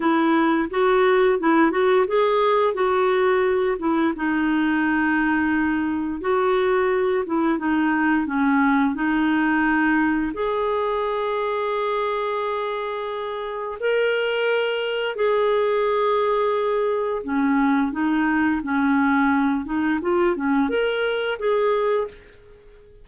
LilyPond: \new Staff \with { instrumentName = "clarinet" } { \time 4/4 \tempo 4 = 87 e'4 fis'4 e'8 fis'8 gis'4 | fis'4. e'8 dis'2~ | dis'4 fis'4. e'8 dis'4 | cis'4 dis'2 gis'4~ |
gis'1 | ais'2 gis'2~ | gis'4 cis'4 dis'4 cis'4~ | cis'8 dis'8 f'8 cis'8 ais'4 gis'4 | }